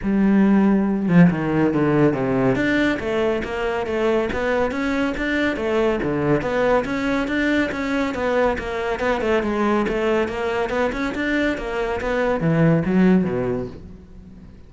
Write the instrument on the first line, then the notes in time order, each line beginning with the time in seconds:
cello
0.02 G3
1.08 F3
1.30 D#3
1.73 D3
2.13 C3
2.55 D4
2.99 A3
3.44 A#3
3.86 A3
4.33 B3
4.71 C#4
5.17 D4
5.56 A3
6.02 D3
6.41 B3
6.85 C#4
7.27 D4
7.71 C#4
8.14 B3
8.58 A#3
8.99 B3
9.21 A3
9.43 G#3
9.88 A3
10.28 A#3
10.69 B3
10.92 C#4
11.14 D4
11.57 A#3
12.00 B3
12.40 E3
12.85 F#3
13.24 B2